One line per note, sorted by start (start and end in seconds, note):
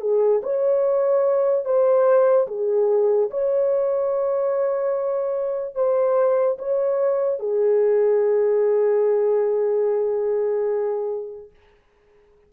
0.00 0.41 G#4
0.43 1.65 C#5
1.65 2.47 C5
2.47 3.30 G#4
3.30 5.75 C#5
5.75 6.57 C5
6.59 7.39 C#5
7.39 11.50 G#4